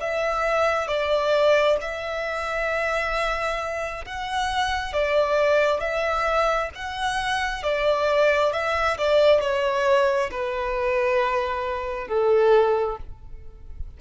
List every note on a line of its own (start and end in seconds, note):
0.00 0.87 E5
0.87 1.77 D5
1.81 4.05 E5
4.05 4.93 F#5
4.93 5.80 D5
5.80 6.70 E5
6.74 7.63 F#5
7.63 8.52 D5
8.52 8.97 E5
8.98 9.40 D5
9.40 10.30 C#5
10.31 12.08 B4
12.08 12.97 A4